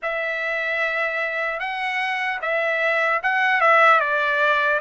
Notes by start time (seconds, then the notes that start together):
0.02 E5
1.59 F#5
2.41 E5
3.22 F#5
3.60 E5
4.00 D5